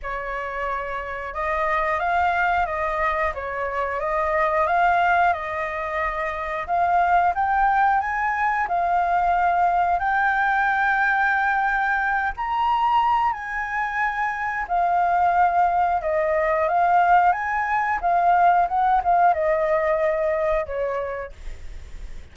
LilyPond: \new Staff \with { instrumentName = "flute" } { \time 4/4 \tempo 4 = 90 cis''2 dis''4 f''4 | dis''4 cis''4 dis''4 f''4 | dis''2 f''4 g''4 | gis''4 f''2 g''4~ |
g''2~ g''8 ais''4. | gis''2 f''2 | dis''4 f''4 gis''4 f''4 | fis''8 f''8 dis''2 cis''4 | }